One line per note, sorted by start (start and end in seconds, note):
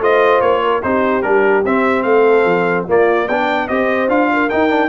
0.00 0.41 A3
0.00 0.83 F4
0.00 0.64 C5
0.00 0.41 D#5
0.41 0.83 A#3
0.41 0.82 C#5
0.64 0.85 A#4
0.83 1.23 C4
0.83 1.23 D#4
0.83 2.07 G4
0.83 1.22 C5
1.22 1.64 G3
1.22 1.64 D4
1.22 1.63 A#4
1.65 2.05 C4
1.65 2.88 C4
1.65 2.03 E5
2.03 2.45 A3
2.03 2.87 A4
2.03 2.85 F5
2.46 2.86 F3
2.87 3.29 A#3
2.87 3.28 A#3
2.87 3.28 F4
2.87 3.29 D5
3.28 3.69 B3
3.28 3.69 D4
3.28 3.69 D5
3.28 3.68 G5
3.68 4.09 C4
3.68 4.09 G4
3.68 4.31 C5
3.68 4.09 D#5
4.09 4.49 D4
4.09 4.50 F4
4.09 4.50 F5
4.33 4.89 A#4
4.50 4.69 D#4
4.50 4.89 D#4
4.50 4.89 G5
4.69 4.89 D4